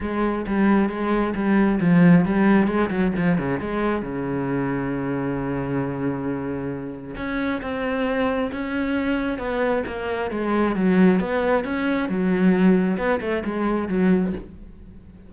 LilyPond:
\new Staff \with { instrumentName = "cello" } { \time 4/4 \tempo 4 = 134 gis4 g4 gis4 g4 | f4 g4 gis8 fis8 f8 cis8 | gis4 cis2.~ | cis1 |
cis'4 c'2 cis'4~ | cis'4 b4 ais4 gis4 | fis4 b4 cis'4 fis4~ | fis4 b8 a8 gis4 fis4 | }